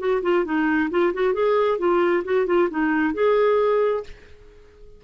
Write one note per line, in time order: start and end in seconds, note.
0.00 0.22 F#4
0.23 0.45 F4
0.45 0.90 D#4
0.91 1.13 F4
1.14 1.34 F#4
1.34 1.79 G#4
1.79 2.24 F4
2.25 2.47 F#4
2.47 2.69 F4
2.70 3.14 D#4
3.14 4.04 G#4